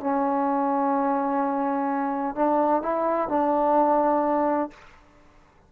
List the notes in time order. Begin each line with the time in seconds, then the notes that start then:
0.00 C#4
2.35 D4
2.82 E4
3.28 D4